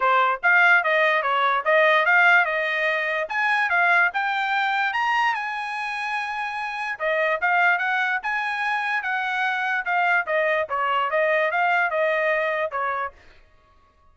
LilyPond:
\new Staff \with { instrumentName = "trumpet" } { \time 4/4 \tempo 4 = 146 c''4 f''4 dis''4 cis''4 | dis''4 f''4 dis''2 | gis''4 f''4 g''2 | ais''4 gis''2.~ |
gis''4 dis''4 f''4 fis''4 | gis''2 fis''2 | f''4 dis''4 cis''4 dis''4 | f''4 dis''2 cis''4 | }